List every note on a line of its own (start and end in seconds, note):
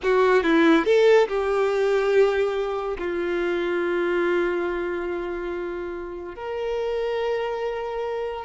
0.02 0.43 F#4
0.43 0.85 E4
0.85 1.27 A4
1.28 2.97 G4
2.98 6.35 F4
6.35 8.45 A#4